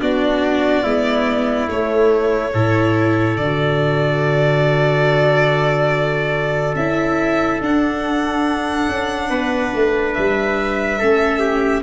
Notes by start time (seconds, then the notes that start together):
0.00 B3 D4 F#4 D5
0.84 G#3 B3 E4
1.68 A3 C#5
2.54 A2 E4 A4
3.37 D3 F#4 D5
6.75 C#4 E4 E5
7.61 D4 F#5
8.89 C#4
9.30 B3 B4
9.75 A3
10.14 G3 E5
10.99 A3 C#4 A4
11.40 G4